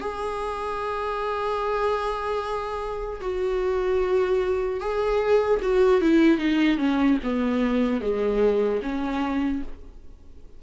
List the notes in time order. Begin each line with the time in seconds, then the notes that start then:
0.00 G#4
3.20 F#4
4.80 G#4
5.62 F#4
6.01 E4
6.38 D#4
6.77 C#4
7.23 B3
8.00 G#3
8.82 C#4